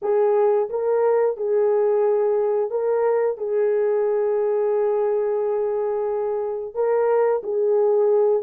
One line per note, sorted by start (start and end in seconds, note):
0.02 0.69 G#4
0.69 1.36 A#4
1.36 2.70 G#4
2.70 3.37 A#4
3.37 6.74 G#4
6.74 7.42 A#4
7.43 8.42 G#4